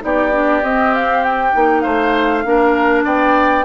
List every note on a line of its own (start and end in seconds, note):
0.00 0.62 B3
0.00 0.30 D#4
0.00 1.82 G4
0.00 0.64 D5
0.31 0.62 D4
0.62 1.53 C4
0.62 0.94 D#5
0.94 1.23 F5
1.23 1.80 G5
1.53 1.84 A#3
1.53 2.44 D#4
1.80 2.44 A3
1.80 2.43 C5
1.80 3.02 F5
2.44 3.04 A#3
2.44 3.65 D4
2.44 3.04 A#4
3.04 3.65 B3
3.04 3.65 D5
3.04 3.65 G5